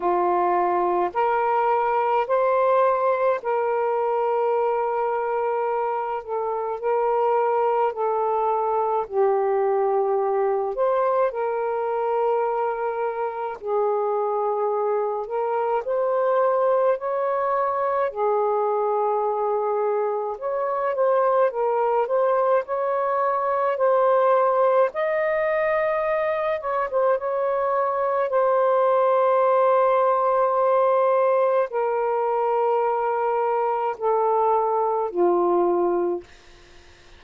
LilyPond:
\new Staff \with { instrumentName = "saxophone" } { \time 4/4 \tempo 4 = 53 f'4 ais'4 c''4 ais'4~ | ais'4. a'8 ais'4 a'4 | g'4. c''8 ais'2 | gis'4. ais'8 c''4 cis''4 |
gis'2 cis''8 c''8 ais'8 c''8 | cis''4 c''4 dis''4. cis''16 c''16 | cis''4 c''2. | ais'2 a'4 f'4 | }